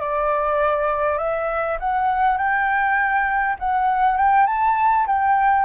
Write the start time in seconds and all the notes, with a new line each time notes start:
0.00 D5
1.18 E5
1.80 F#5
2.38 G5
3.59 F#5
4.17 G5
4.47 A5
5.07 G5